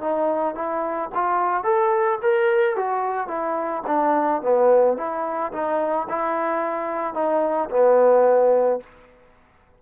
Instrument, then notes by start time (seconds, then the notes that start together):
trombone
0.00 D#4
0.54 E4
1.14 F4
1.63 A4
2.22 A#4
2.76 F#4
3.27 E4
3.86 D4
4.42 B3
4.97 E4
5.52 D#4
6.09 E4
7.14 D#4
7.69 B3